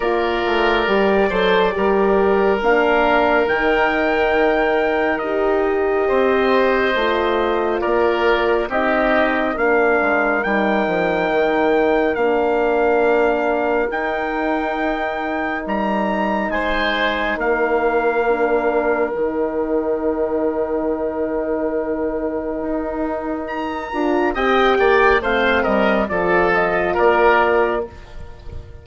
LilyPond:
<<
  \new Staff \with { instrumentName = "trumpet" } { \time 4/4 \tempo 4 = 69 d''2. f''4 | g''2 dis''2~ | dis''4 d''4 dis''4 f''4 | g''2 f''2 |
g''2 ais''4 gis''4 | f''2 g''2~ | g''2. ais''4 | g''4 f''8 dis''8 d''8 dis''8 d''4 | }
  \new Staff \with { instrumentName = "oboe" } { \time 4/4 ais'4. c''8 ais'2~ | ais'2. c''4~ | c''4 ais'4 g'4 ais'4~ | ais'1~ |
ais'2. c''4 | ais'1~ | ais'1 | dis''8 d''8 c''8 ais'8 a'4 ais'4 | }
  \new Staff \with { instrumentName = "horn" } { \time 4/4 f'4 g'8 a'8 g'4 d'4 | dis'2 g'2 | f'2 dis'4 d'4 | dis'2 d'2 |
dis'1~ | dis'4 d'4 dis'2~ | dis'2.~ dis'8 f'8 | g'4 c'4 f'2 | }
  \new Staff \with { instrumentName = "bassoon" } { \time 4/4 ais8 a8 g8 fis8 g4 ais4 | dis2 dis'4 c'4 | a4 ais4 c'4 ais8 gis8 | g8 f8 dis4 ais2 |
dis'2 g4 gis4 | ais2 dis2~ | dis2 dis'4. d'8 | c'8 ais8 a8 g8 f4 ais4 | }
>>